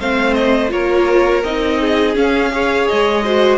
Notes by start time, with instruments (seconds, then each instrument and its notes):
0.00 cello A3, viola C4, violin C5 F5
0.34 violin D#5
0.70 cello A#3, viola F4, violin A#4 C#5
1.44 cello C4, viola D#4, violin D#5
1.80 violin G#4
2.16 viola C#4, cello C#4, violin F5
2.52 viola G#4, violin C#5
2.88 cello G#3, violin D#5
3.24 viola F#4, violin C5